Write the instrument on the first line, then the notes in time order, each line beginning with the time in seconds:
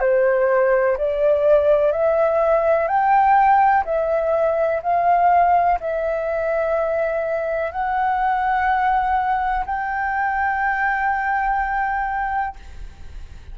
flute
0.00 C5
0.97 D5
1.92 E5
2.87 G5
3.85 E5
4.83 F5
5.80 E5
7.72 F#5
9.66 G5